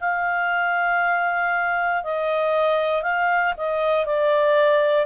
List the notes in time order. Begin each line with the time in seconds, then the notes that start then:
0.00 F5
2.03 D#5
3.02 F5
3.57 D#5
4.05 D5